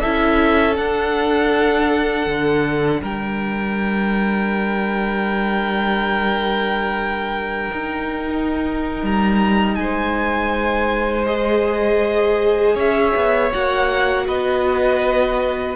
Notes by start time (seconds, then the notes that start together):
0.00 C#4 E4 A4 E5
0.74 D4 F#5
2.27 D3
3.01 G3 A#4 G5
7.72 D#4
8.28 D#4
9.02 G3 A#5
9.75 G#3 C5 G#5
11.26 G#4 D#5
12.75 C#4 C#5 E5
13.16 B3
13.52 A#3 F#4 F#5
14.27 B3 B4 D#5